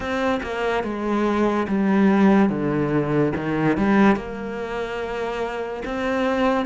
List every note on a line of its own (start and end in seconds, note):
0.00 0.40 C4
0.42 0.83 A#3
0.83 1.67 G#3
1.67 2.49 G3
2.49 3.32 D3
3.36 3.77 D#3
3.77 4.16 G3
4.16 5.83 A#3
5.84 6.65 C4